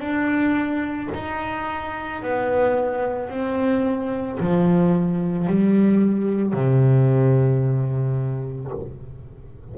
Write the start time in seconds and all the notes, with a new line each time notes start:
0.00 D4
1.15 D#4
2.23 B3
3.30 C4
4.40 F3
5.47 G3
6.54 C3